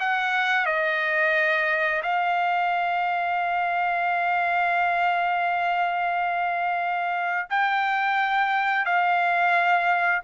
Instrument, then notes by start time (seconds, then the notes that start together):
trumpet
0.00 F#5
0.66 D#5
2.03 F5
7.50 G5
8.86 F5